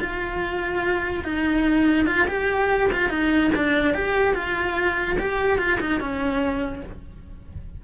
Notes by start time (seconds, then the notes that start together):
0.00 F4
1.24 D#4
2.06 F4
2.28 G4
2.92 F4
3.09 D#4
3.55 D4
3.94 G4
4.34 F4
5.19 G4
5.58 F4
5.80 D#4
6.00 C#4